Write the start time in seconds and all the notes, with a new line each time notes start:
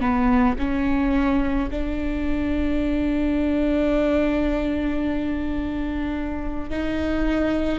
0.00 B3
0.58 C#4
1.70 D4
6.70 D#4